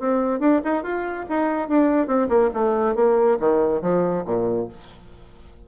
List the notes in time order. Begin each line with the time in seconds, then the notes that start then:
0.00 C4
0.40 D4
0.65 D#4
0.84 F4
1.30 D#4
1.69 D4
2.08 C4
2.29 A#3
2.54 A3
2.96 A#3
3.40 D#3
3.82 F3
4.26 A#2